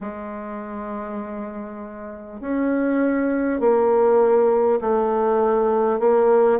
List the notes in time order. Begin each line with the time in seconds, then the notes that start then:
0.00 G#3
2.41 C#4
3.59 A#3
4.81 A3
5.99 A#3